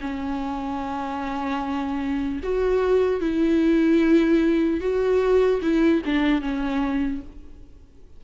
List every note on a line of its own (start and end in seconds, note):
0.00 2.40 C#4
2.43 3.20 F#4
3.20 4.80 E4
4.80 5.60 F#4
5.61 6.01 E4
6.05 6.41 D4
6.41 7.21 C#4